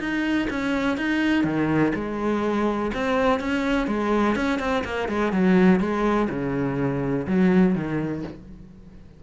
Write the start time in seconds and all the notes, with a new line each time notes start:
0.00 D#4
0.50 C#4
0.98 D#4
1.45 D#3
1.95 G#3
2.94 C4
3.40 C#4
3.88 G#3
4.36 C#4
4.60 C4
4.85 A#3
5.09 G#3
5.33 F#3
5.80 G#3
6.30 C#3
7.27 F#3
7.76 D#3